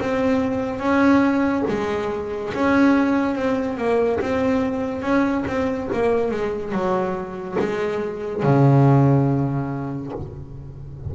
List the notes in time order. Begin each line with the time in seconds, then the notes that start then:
0.00 C4
0.80 C#4
1.69 G#3
2.54 C#4
3.36 C4
3.78 A#3
4.20 C4
5.02 C#4
5.47 C4
5.93 A#3
6.31 G#3
6.72 F#3
7.59 G#3
8.43 C#3